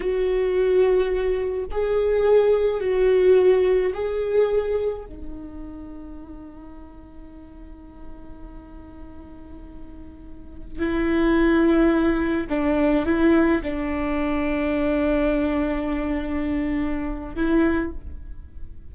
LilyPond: \new Staff \with { instrumentName = "viola" } { \time 4/4 \tempo 4 = 107 fis'2. gis'4~ | gis'4 fis'2 gis'4~ | gis'4 dis'2.~ | dis'1~ |
dis'2.~ dis'16 e'8.~ | e'2~ e'16 d'4 e'8.~ | e'16 d'2.~ d'8.~ | d'2. e'4 | }